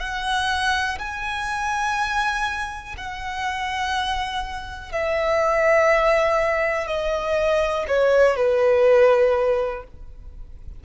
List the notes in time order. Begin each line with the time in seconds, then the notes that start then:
0.00 F#5
0.99 G#5
2.97 F#5
4.92 E5
6.87 D#5
7.88 C#5
8.36 B4